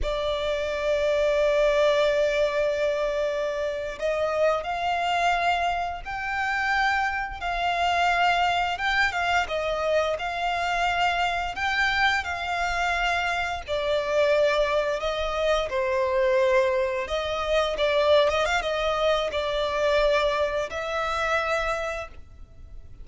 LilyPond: \new Staff \with { instrumentName = "violin" } { \time 4/4 \tempo 4 = 87 d''1~ | d''4.~ d''16 dis''4 f''4~ f''16~ | f''8. g''2 f''4~ f''16~ | f''8. g''8 f''8 dis''4 f''4~ f''16~ |
f''8. g''4 f''2 d''16~ | d''4.~ d''16 dis''4 c''4~ c''16~ | c''8. dis''4 d''8. dis''16 f''16 dis''4 | d''2 e''2 | }